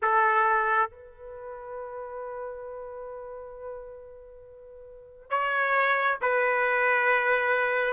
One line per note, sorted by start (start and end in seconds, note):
0.02 0.90 A4
0.90 5.29 B4
5.29 6.18 C#5
6.21 7.93 B4